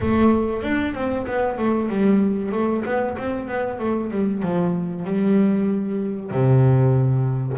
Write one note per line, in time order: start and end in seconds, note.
0.01 0.63 A3
0.63 0.94 D4
0.94 1.25 C4
1.26 1.58 B3
1.58 1.89 A3
1.89 2.51 G3
2.51 2.83 A3
2.85 3.17 B3
3.18 3.48 C4
3.48 3.79 B3
3.79 4.10 A3
4.10 4.42 G3
4.42 5.04 F3
5.04 6.30 G3
6.30 7.57 C3